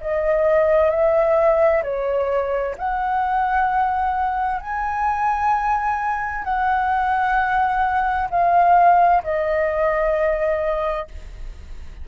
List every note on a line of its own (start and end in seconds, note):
0.00 0.90 D#5
0.90 1.82 E5
1.83 2.75 C#5
2.77 4.60 F#5
4.60 6.44 G#5
6.44 8.28 F#5
8.30 9.22 F5
9.23 11.07 D#5